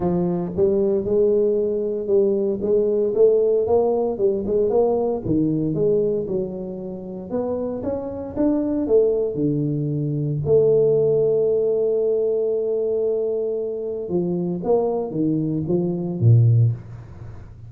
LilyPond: \new Staff \with { instrumentName = "tuba" } { \time 4/4 \tempo 4 = 115 f4 g4 gis2 | g4 gis4 a4 ais4 | g8 gis8 ais4 dis4 gis4 | fis2 b4 cis'4 |
d'4 a4 d2 | a1~ | a2. f4 | ais4 dis4 f4 ais,4 | }